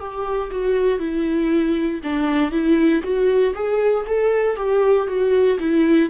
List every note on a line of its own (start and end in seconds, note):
0.00 0.51 G4
0.51 0.99 F#4
0.99 2.01 E4
2.04 2.52 D4
2.52 3.03 E4
3.03 3.54 F#4
3.55 4.06 G#4
4.07 4.57 A4
4.57 5.08 G4
5.08 5.59 F#4
5.60 6.10 E4